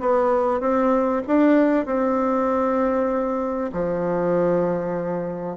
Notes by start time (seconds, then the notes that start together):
0.00 B3
0.60 C4
1.27 D4
1.86 C4
3.72 F3